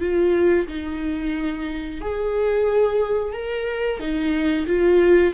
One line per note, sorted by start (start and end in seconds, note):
0.00 0.67 F4
0.67 2.01 D#4
2.01 3.33 G#4
3.33 3.99 A#4
3.99 4.66 D#4
4.66 5.33 F4